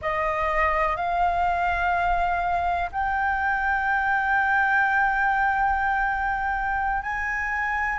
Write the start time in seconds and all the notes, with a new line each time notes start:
0.01 D#5
0.96 F5
2.92 G5
7.02 G#5